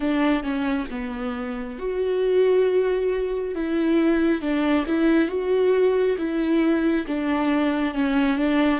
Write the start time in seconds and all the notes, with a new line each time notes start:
0.00 D4
0.43 C#4
0.90 B3
1.78 F#4
3.55 E4
4.41 D4
4.86 E4
5.28 F#4
6.17 E4
7.07 D4
7.94 C#4
8.37 D4